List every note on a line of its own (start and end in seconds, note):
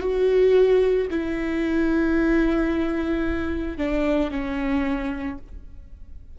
0.00 1.07 F#4
1.10 3.77 E4
3.77 4.31 D4
4.31 5.38 C#4